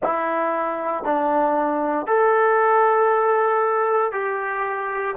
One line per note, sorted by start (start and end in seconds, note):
0.03 1.03 E4
1.03 2.06 D4
2.06 4.11 A4
4.11 5.15 G4